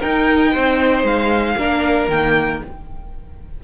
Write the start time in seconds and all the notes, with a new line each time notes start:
0.00 D#4 A#4 G5
0.52 C4 C5
1.03 G#3 F5
1.57 A#3 D4 A#4
2.09 D#3 A#3 G5